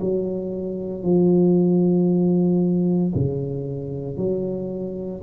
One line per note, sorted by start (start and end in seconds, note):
0.00 1.03 F#3
1.03 3.13 F3
3.14 4.17 C#3
4.17 5.22 F#3